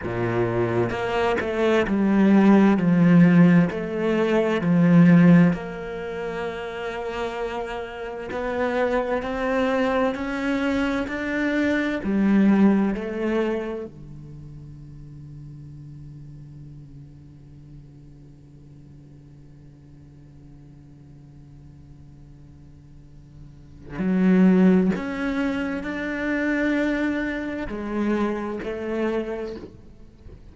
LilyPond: \new Staff \with { instrumentName = "cello" } { \time 4/4 \tempo 4 = 65 ais,4 ais8 a8 g4 f4 | a4 f4 ais2~ | ais4 b4 c'4 cis'4 | d'4 g4 a4 d4~ |
d1~ | d1~ | d2 fis4 cis'4 | d'2 gis4 a4 | }